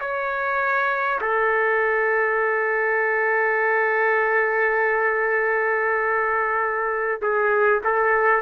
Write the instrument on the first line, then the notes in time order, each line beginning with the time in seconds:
trumpet
0.00 C#5
1.21 A4
7.22 G#4
7.84 A4